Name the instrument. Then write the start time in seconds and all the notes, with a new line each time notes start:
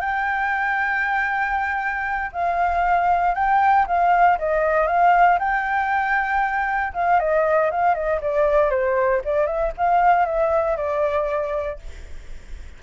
flute
0.00 G5
2.32 F5
3.34 G5
3.87 F5
4.38 D#5
4.87 F5
5.39 G5
6.93 F5
7.19 D#5
7.71 F5
7.95 D#5
8.21 D5
8.70 C5
9.25 D5
9.46 E5
9.78 F5
10.25 E5
10.76 D5